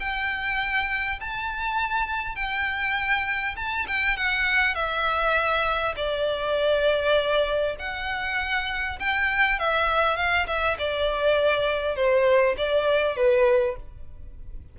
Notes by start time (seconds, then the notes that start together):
0.00 G5
1.20 A5
2.36 G5
3.56 A5
3.88 G5
4.17 F#5
4.75 E5
5.96 D5
7.79 F#5
8.99 G5
9.59 E5
10.17 F5
10.47 E5
10.79 D5
11.96 C5
12.58 D5
13.16 B4